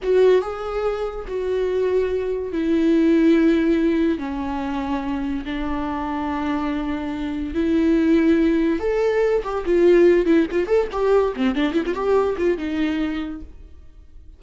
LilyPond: \new Staff \with { instrumentName = "viola" } { \time 4/4 \tempo 4 = 143 fis'4 gis'2 fis'4~ | fis'2 e'2~ | e'2 cis'2~ | cis'4 d'2.~ |
d'2 e'2~ | e'4 a'4. g'8 f'4~ | f'8 e'8 f'8 a'8 g'4 c'8 d'8 | e'16 f'16 g'4 f'8 dis'2 | }